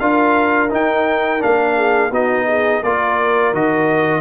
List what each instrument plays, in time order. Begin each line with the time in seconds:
0.00 tuba D4, trombone F4, horn A#4, trumpet F5
0.70 trombone D#4, tuba D#4, trumpet G5
1.40 tuba A#3, trombone D4, trumpet F5
1.77 horn G#4
2.10 tuba B3, trombone D#4, horn F#4, trumpet D#5
2.47 horn G#4
2.83 tuba A#3, trombone F4, horn A#4, trumpet D5
3.53 tuba D#3, trombone F#4, trumpet D#5